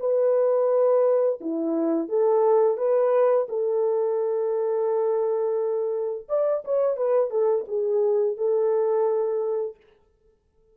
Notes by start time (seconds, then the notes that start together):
0.00 B4
1.41 E4
2.09 A4
2.77 B4
3.49 A4
6.29 D5
6.65 C#5
6.97 B4
7.30 A4
7.68 G#4
8.37 A4